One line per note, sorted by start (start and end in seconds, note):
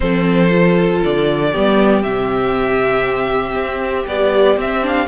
0.00 1.03 F3
0.00 0.49 C4
0.00 1.51 A4
0.00 1.02 C5
0.49 1.50 F4
1.03 1.55 D3
1.03 2.03 D5
1.51 2.03 G3
1.51 2.02 B3
1.51 5.07 G4
2.02 3.55 C3
2.02 4.06 C4
2.02 4.06 E5
3.55 4.06 C4
4.06 4.58 G3
4.06 4.56 B3
4.06 4.58 D5
4.56 5.07 C4
4.56 4.82 C4
4.56 4.86 E5
4.82 5.07 D4
4.82 5.08 F5